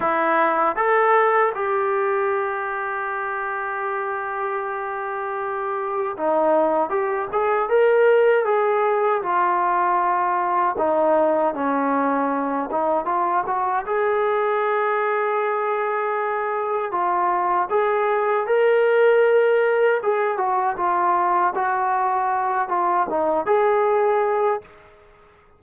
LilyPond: \new Staff \with { instrumentName = "trombone" } { \time 4/4 \tempo 4 = 78 e'4 a'4 g'2~ | g'1 | dis'4 g'8 gis'8 ais'4 gis'4 | f'2 dis'4 cis'4~ |
cis'8 dis'8 f'8 fis'8 gis'2~ | gis'2 f'4 gis'4 | ais'2 gis'8 fis'8 f'4 | fis'4. f'8 dis'8 gis'4. | }